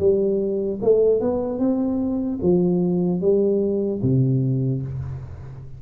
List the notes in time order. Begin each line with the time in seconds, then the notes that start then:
0.00 G3
0.82 A3
1.21 B3
1.60 C4
2.43 F3
3.21 G3
4.03 C3